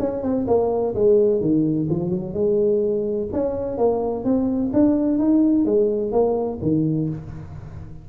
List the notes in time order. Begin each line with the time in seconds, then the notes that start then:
0.00 C#4
0.23 C4
0.48 A#3
0.95 G#3
1.41 D#3
1.90 F3
2.10 F#3
2.34 G#3
3.33 C#4
3.78 A#3
4.25 C4
4.74 D4
5.19 D#4
5.66 G#3
6.13 A#3
6.62 D#3